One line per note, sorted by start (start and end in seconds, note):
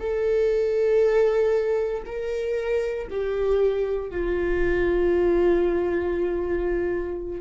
0.00 2.03 A4
2.06 3.08 A#4
3.11 4.11 G4
4.11 7.41 F4